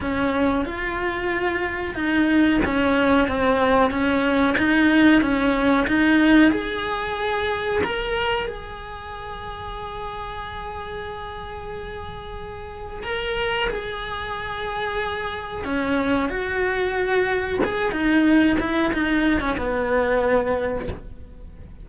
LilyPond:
\new Staff \with { instrumentName = "cello" } { \time 4/4 \tempo 4 = 92 cis'4 f'2 dis'4 | cis'4 c'4 cis'4 dis'4 | cis'4 dis'4 gis'2 | ais'4 gis'2.~ |
gis'1 | ais'4 gis'2. | cis'4 fis'2 gis'8 dis'8~ | dis'8 e'8 dis'8. cis'16 b2 | }